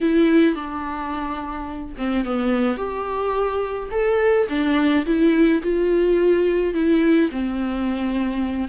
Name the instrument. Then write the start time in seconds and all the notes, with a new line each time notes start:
viola
0.00 E4
0.55 D4
1.97 C4
2.25 B3
2.77 G4
3.91 A4
4.49 D4
5.06 E4
5.62 F4
6.74 E4
7.30 C4